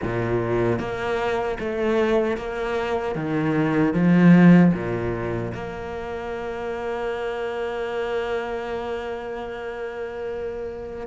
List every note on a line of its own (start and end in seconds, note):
0.02 0.79 A#2
0.79 1.58 A#3
1.59 2.37 A3
2.37 3.15 A#3
3.15 3.93 D#3
3.93 4.72 F3
4.73 5.52 A#2
5.54 11.06 A#3